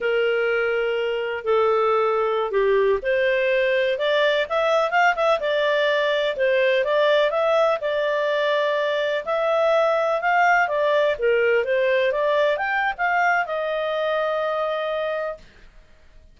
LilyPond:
\new Staff \with { instrumentName = "clarinet" } { \time 4/4 \tempo 4 = 125 ais'2. a'4~ | a'4~ a'16 g'4 c''4.~ c''16~ | c''16 d''4 e''4 f''8 e''8 d''8.~ | d''4~ d''16 c''4 d''4 e''8.~ |
e''16 d''2. e''8.~ | e''4~ e''16 f''4 d''4 ais'8.~ | ais'16 c''4 d''4 g''8. f''4 | dis''1 | }